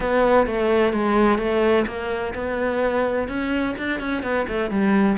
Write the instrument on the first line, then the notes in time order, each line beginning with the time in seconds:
cello
0.00 B3
0.47 A3
0.93 G#3
1.38 A3
1.86 A#3
2.34 B3
3.28 C#4
3.77 D4
4.00 C#4
4.23 B3
4.48 A3
4.70 G3